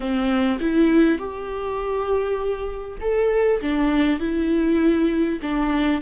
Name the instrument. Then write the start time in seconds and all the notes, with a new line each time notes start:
viola
0.00 C4
0.60 E4
1.18 G4
3.00 A4
3.61 D4
4.19 E4
5.42 D4